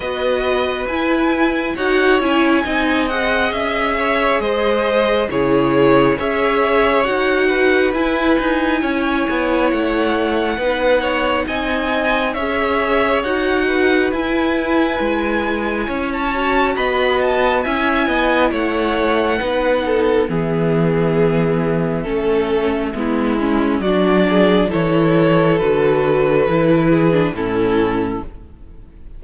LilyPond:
<<
  \new Staff \with { instrumentName = "violin" } { \time 4/4 \tempo 4 = 68 dis''4 gis''4 fis''8 gis''4 fis''8 | e''4 dis''4 cis''4 e''4 | fis''4 gis''2 fis''4~ | fis''4 gis''4 e''4 fis''4 |
gis''2~ gis''16 a''8. b''8 a''8 | gis''4 fis''2 e''4~ | e''2. d''4 | cis''4 b'2 a'4 | }
  \new Staff \with { instrumentName = "violin" } { \time 4/4 b'2 cis''4 dis''4~ | dis''8 cis''8 c''4 gis'4 cis''4~ | cis''8 b'4. cis''2 | b'8 cis''8 dis''4 cis''4. b'8~ |
b'2 cis''4 dis''4 | e''8 dis''8 cis''4 b'8 a'8 gis'4~ | gis'4 a'4 e'4 fis'8 gis'8 | a'2~ a'8 gis'8 e'4 | }
  \new Staff \with { instrumentName = "viola" } { \time 4/4 fis'4 e'4 fis'8 e'8 dis'8 gis'8~ | gis'2 e'4 gis'4 | fis'4 e'2. | dis'2 gis'4 fis'4 |
e'2~ e'8 fis'4. | e'2 dis'4 b4~ | b4 cis'4 b8 cis'8 d'4 | e'4 fis'4 e'8. d'16 cis'4 | }
  \new Staff \with { instrumentName = "cello" } { \time 4/4 b4 e'4 dis'8 cis'8 c'4 | cis'4 gis4 cis4 cis'4 | dis'4 e'8 dis'8 cis'8 b8 a4 | b4 c'4 cis'4 dis'4 |
e'4 gis4 cis'4 b4 | cis'8 b8 a4 b4 e4~ | e4 a4 gis4 fis4 | e4 d4 e4 a,4 | }
>>